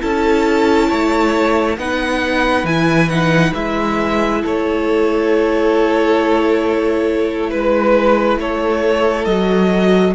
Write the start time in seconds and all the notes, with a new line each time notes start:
0.00 C#4 E4 A4 A5
0.88 A3 C#5
1.77 B3 D#4 B4 F#5
2.64 E3 E4 G#5
3.09 D#4 F#5
3.54 G#3 E4 E5
4.42 A3 A4 C#5
7.50 G#3 B4
8.38 A3 A4 C#5
9.25 F#3 D#5
9.31 F#4